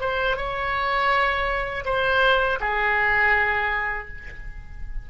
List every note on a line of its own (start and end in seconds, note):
0.00 0.37 C5
0.37 1.85 C#5
1.85 2.59 C5
2.60 4.08 G#4